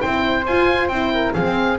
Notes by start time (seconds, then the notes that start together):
0.00 C4 E4 C5 G5
0.46 F4 G#5
0.88 C4 E4 G5
1.14 A#4
1.33 F3 C4 G#4 F5
1.45 C4